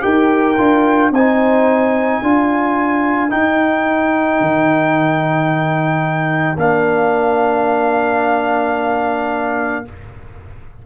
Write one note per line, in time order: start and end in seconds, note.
0.00 0.59 D#4
0.00 0.55 G4
0.00 1.13 A#4
0.00 1.11 G5
0.57 1.11 D4
0.57 1.12 F4
1.11 2.20 C4
1.11 2.22 C5
1.11 3.31 G#5
1.17 2.23 D#4
2.22 3.32 D4
2.22 3.30 F4
2.22 9.85 A#4
3.30 6.57 D#4
3.30 4.41 D#4
3.30 6.58 G5
4.41 6.57 D#3
6.57 9.84 A#3
6.57 9.85 D4
6.57 9.86 F5